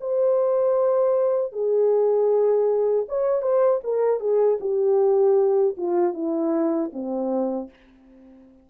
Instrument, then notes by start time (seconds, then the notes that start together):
horn
0.00 C5
1.52 G#4
3.08 C#5
3.41 C5
3.83 A#4
4.20 G#4
4.60 G4
5.77 F4
6.13 E4
6.92 C4